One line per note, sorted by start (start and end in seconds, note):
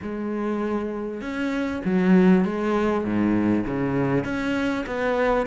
0.02 1.21 G#3
1.21 1.82 C#4
1.85 2.44 F#3
2.44 3.04 G#3
3.04 3.64 G#2
3.66 4.24 C#3
4.24 4.85 C#4
4.86 5.46 B3